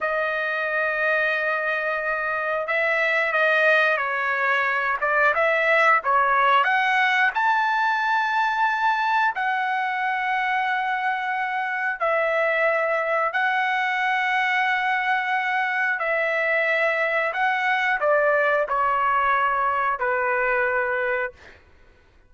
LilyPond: \new Staff \with { instrumentName = "trumpet" } { \time 4/4 \tempo 4 = 90 dis''1 | e''4 dis''4 cis''4. d''8 | e''4 cis''4 fis''4 a''4~ | a''2 fis''2~ |
fis''2 e''2 | fis''1 | e''2 fis''4 d''4 | cis''2 b'2 | }